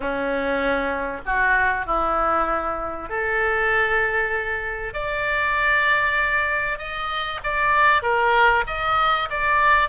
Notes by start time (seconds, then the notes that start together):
0.00 C#4
1.25 F#4
1.86 E4
3.09 A4
4.93 D5
6.78 D#5
7.43 D5
8.02 A#4
8.67 D#5
9.30 D5